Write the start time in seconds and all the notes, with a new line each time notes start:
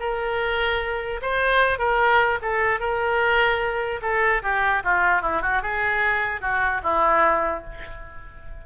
0.00 A#4
1.22 C5
1.79 A#4
2.42 A4
2.80 A#4
4.02 A4
4.43 G4
4.84 F4
5.22 E4
5.42 F#4
5.62 G#4
6.41 F#4
6.83 E4